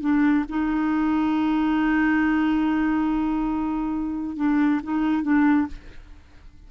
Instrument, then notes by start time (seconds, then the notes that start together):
clarinet
0.00 D4
0.49 D#4
4.36 D4
4.83 D#4
5.22 D4